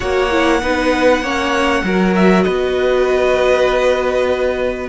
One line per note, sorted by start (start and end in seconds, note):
0.00 0.62 A#3
0.00 0.30 F#4
0.00 0.61 C#5
0.00 2.14 F#5
0.30 0.61 E4
0.61 1.21 B3
0.61 1.22 D#4
0.61 1.22 B4
1.21 1.82 A#3
1.21 1.85 C#4
1.21 1.84 C#5
1.83 2.45 F#3
1.83 4.89 F#4
1.83 2.44 A#4
2.15 2.43 E5
2.43 4.89 B3
2.43 4.89 B4
2.43 4.87 D#5